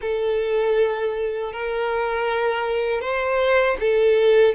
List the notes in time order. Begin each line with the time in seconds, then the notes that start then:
0.01 A4
1.53 A#4
3.01 C5
3.80 A4